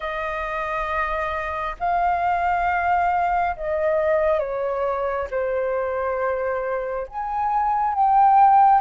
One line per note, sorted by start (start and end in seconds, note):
0.00 1.75 D#5
1.79 3.55 F5
3.56 4.39 D#5
4.39 5.27 C#5
5.30 7.07 C5
7.07 7.93 G#5
7.93 8.81 G5